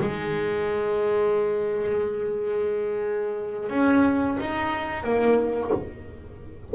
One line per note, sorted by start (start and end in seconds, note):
0.00 3.70 G#3
3.70 4.37 C#4
4.40 5.03 D#4
5.03 5.71 A#3